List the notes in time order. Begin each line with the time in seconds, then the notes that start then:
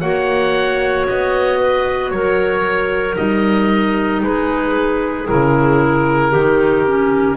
0.00 A#3 F#4 C#5 F#5
1.09 B3 D#5
1.58 B4
2.10 F#3 A#4 C#5
3.15 G3 D#4 D#5
4.22 G#3 G#4 B4
5.27 C#3 E4 A#4
6.30 D#3 D#4 G4
6.86 C#4